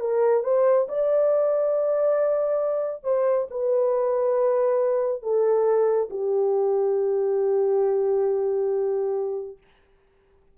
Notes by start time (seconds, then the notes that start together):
0.00 A#4
0.43 C5
0.89 D5
3.04 C5
3.51 B4
5.22 A4
6.10 G4